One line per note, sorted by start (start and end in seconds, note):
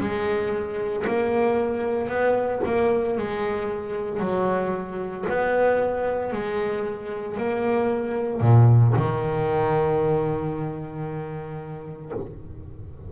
0.00 1.05 G#3
1.07 2.09 A#3
2.09 2.62 B3
2.66 3.18 A#3
3.18 4.20 G#3
4.20 5.25 F#3
5.29 6.33 B3
6.33 7.37 G#3
7.37 8.41 A#3
8.41 8.94 A#2
8.97 12.12 D#3